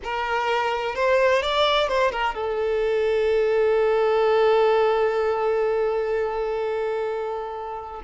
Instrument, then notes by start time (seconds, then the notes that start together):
violin
0.03 A#4
0.95 C5
1.42 D5
1.88 C5
2.11 A#4
2.35 A4